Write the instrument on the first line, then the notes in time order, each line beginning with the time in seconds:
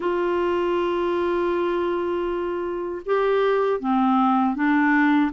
clarinet
0.00 F4
3.06 G4
3.79 C4
4.55 D4